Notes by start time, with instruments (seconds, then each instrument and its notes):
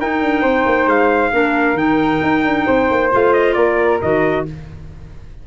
0.00 clarinet D#4, tuba D#4, flute A#4, trumpet G5
0.21 tuba D4
0.41 tuba C4, flute C5
0.65 tuba A#3
0.86 tuba G#3, trumpet F5
1.31 tuba A#3, clarinet D4, flute A#4
1.74 tuba D#3, clarinet D#4, trumpet G5
2.22 tuba D#4
2.44 tuba D4
2.66 tuba C4, flute C5
2.90 tuba A#3
3.11 tuba A3, clarinet F4, trumpet F5
3.33 trumpet D#5
3.53 tuba A#3, flute A#4, trumpet D5
4.01 tuba D#3, clarinet F#4, trumpet D#5